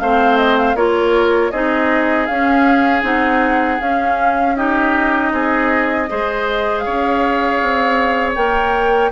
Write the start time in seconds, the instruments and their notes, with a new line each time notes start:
0.00 bassoon A3, clarinet C4, oboe C5, flute F5
0.38 flute D#5
0.58 flute F5
0.75 bassoon A#3, clarinet F4, oboe A#4, flute C#5
1.51 bassoon C4, clarinet D#4, oboe G#4, flute D#5
2.26 bassoon C#4, clarinet C#4, flute F5
3.02 bassoon C4, clarinet D#4, flute F#5
3.81 bassoon C#4, clarinet C#4, flute F5
4.56 clarinet D#4, oboe G4, flute D#5
5.32 bassoon C4, oboe G#4
6.09 bassoon G#3, clarinet G#4, oboe C5
6.79 flute F5
6.85 bassoon C#4, oboe C#5
7.62 bassoon C4
8.36 bassoon A#3, clarinet A#4, flute G5